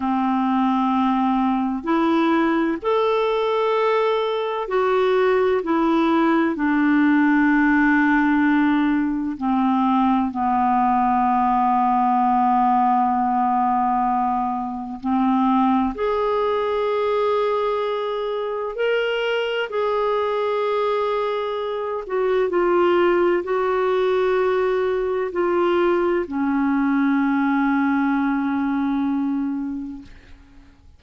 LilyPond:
\new Staff \with { instrumentName = "clarinet" } { \time 4/4 \tempo 4 = 64 c'2 e'4 a'4~ | a'4 fis'4 e'4 d'4~ | d'2 c'4 b4~ | b1 |
c'4 gis'2. | ais'4 gis'2~ gis'8 fis'8 | f'4 fis'2 f'4 | cis'1 | }